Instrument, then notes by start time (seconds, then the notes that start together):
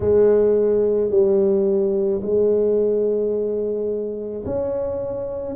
tuba
0.00 G#3
1.10 G3
2.22 G#3
4.45 C#4